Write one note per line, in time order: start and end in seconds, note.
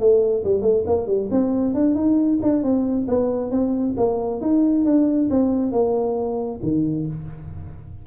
0.00 0.44 A3
0.45 0.62 G3
0.62 0.84 A3
0.87 1.07 A#3
1.07 1.30 G3
1.31 1.74 C4
1.74 1.95 D4
1.95 2.39 D#4
2.43 2.63 D4
2.63 3.07 C4
3.08 3.51 B3
3.51 3.95 C4
3.97 4.41 A#3
4.41 4.85 D#4
4.85 5.30 D4
5.31 5.72 C4
5.72 6.60 A#3
6.63 7.07 D#3